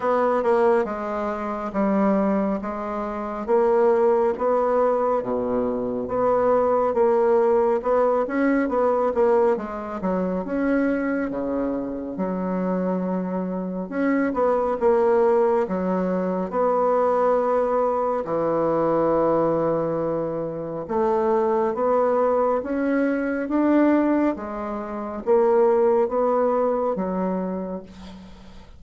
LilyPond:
\new Staff \with { instrumentName = "bassoon" } { \time 4/4 \tempo 4 = 69 b8 ais8 gis4 g4 gis4 | ais4 b4 b,4 b4 | ais4 b8 cis'8 b8 ais8 gis8 fis8 | cis'4 cis4 fis2 |
cis'8 b8 ais4 fis4 b4~ | b4 e2. | a4 b4 cis'4 d'4 | gis4 ais4 b4 fis4 | }